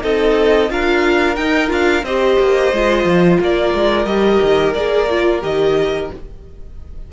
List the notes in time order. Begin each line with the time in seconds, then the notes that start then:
0.00 C4 D#4 A4 D#5
0.68 D4 F4 A#4 F5
1.35 D#4 G5
1.67 D4 F4 F5
2.03 C4 G4 C5 D#5
2.39 A#3
2.72 G#3 F4
3.04 F3
3.40 A#3 A#4 D5
3.73 G#3
4.05 G3 G4 D#5
4.42 D#3
4.73 A#3 G#4 D5
5.09 F4
5.41 D#3 G4 D#5